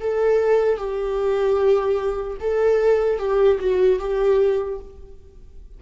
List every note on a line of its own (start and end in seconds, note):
0.00 0.77 A4
0.77 2.37 G4
2.40 3.19 A4
3.19 3.59 G4
3.59 3.99 F#4
3.99 4.79 G4